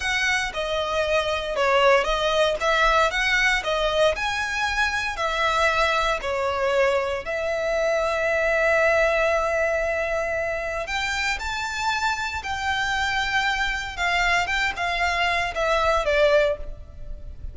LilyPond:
\new Staff \with { instrumentName = "violin" } { \time 4/4 \tempo 4 = 116 fis''4 dis''2 cis''4 | dis''4 e''4 fis''4 dis''4 | gis''2 e''2 | cis''2 e''2~ |
e''1~ | e''4 g''4 a''2 | g''2. f''4 | g''8 f''4. e''4 d''4 | }